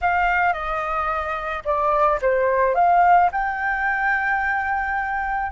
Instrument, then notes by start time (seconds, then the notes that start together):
flute
0.01 F5
0.53 D#5
1.64 D5
2.21 C5
2.74 F5
3.32 G5